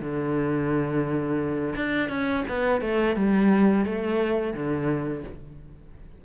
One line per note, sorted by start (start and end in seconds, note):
0.00 1.74 D3
1.75 2.09 D4
2.09 2.44 C#4
2.48 2.81 B3
2.81 3.16 A3
3.16 3.85 G3
3.85 4.53 A3
4.53 5.23 D3